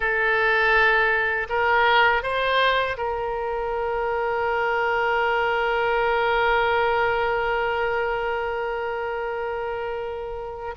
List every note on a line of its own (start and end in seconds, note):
0.00 1.47 A4
1.49 2.22 A#4
2.22 2.96 C5
2.97 10.74 A#4